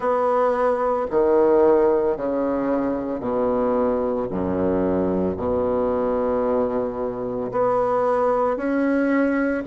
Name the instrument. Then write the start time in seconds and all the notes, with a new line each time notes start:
bassoon
0.00 B3
1.10 D#3
2.17 C#3
3.19 B2
4.30 F#2
5.36 B2
7.51 B3
8.56 C#4